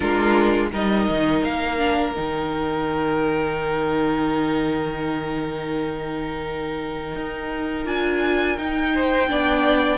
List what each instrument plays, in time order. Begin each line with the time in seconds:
0.00 cello G#3, viola D4, violin F4 A#4
0.71 cello G3, viola D#4, violin A#4 D#5
1.09 cello D#3
1.43 cello A#3, violin F5
1.78 viola D4
2.15 cello D#3, viola D#4, violin G5
7.15 cello D#4
7.85 cello D4, viola F4, violin G#5
8.57 cello D#4, viola D#4, violin G5
8.94 violin C5
9.28 cello B3, viola D4, violin D5